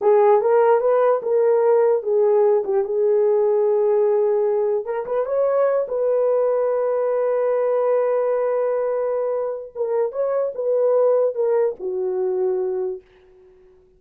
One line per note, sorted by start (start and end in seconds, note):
0.01 0.41 G#4
0.41 0.80 A#4
0.80 1.21 B4
1.22 2.03 A#4
2.03 2.63 G#4
2.64 2.84 G4
2.84 4.85 G#4
4.85 5.05 A#4
5.05 5.25 B4
5.25 5.86 C#5
5.87 9.73 B4
9.75 10.12 A#4
10.12 10.52 C#5
10.54 11.34 B4
11.34 11.75 A#4
11.79 13.01 F#4